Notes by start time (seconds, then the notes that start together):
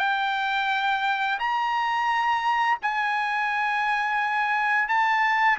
0.00 G5
1.40 A#5
2.83 G#5
4.89 A5